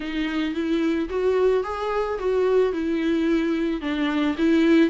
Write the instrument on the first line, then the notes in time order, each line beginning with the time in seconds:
viola
0.00 D#4
0.54 E4
1.09 F#4
1.63 G#4
2.18 F#4
2.72 E4
3.81 D4
4.37 E4